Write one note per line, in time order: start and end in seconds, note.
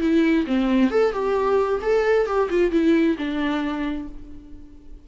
0.00 0.45 E4
0.46 0.90 C4
0.90 1.12 A4
1.12 1.80 G4
1.81 2.26 A4
2.26 2.49 G4
2.50 2.71 F4
2.71 3.17 E4
3.17 4.08 D4